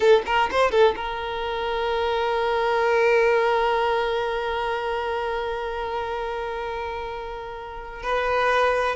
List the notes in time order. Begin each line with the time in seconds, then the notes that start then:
0.00 A4
0.26 A#4
0.51 C5
0.71 A4
0.96 A#4
8.02 B4